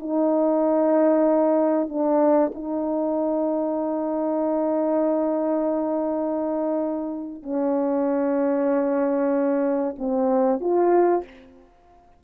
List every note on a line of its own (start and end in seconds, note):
0.00 1.89 D#4
1.89 2.52 D4
2.55 7.43 D#4
7.43 9.96 C#4
9.99 10.61 C4
10.61 11.24 F4